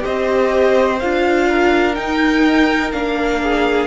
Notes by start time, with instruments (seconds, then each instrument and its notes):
0.00 viola G4, violin C5 D#5
0.06 cello C4
0.99 cello D4, viola F4, violin F5
1.49 violin A#4
1.94 viola D#4, cello D#4, violin G5
2.92 cello A#3, viola D4, violin F5
3.42 violin G#4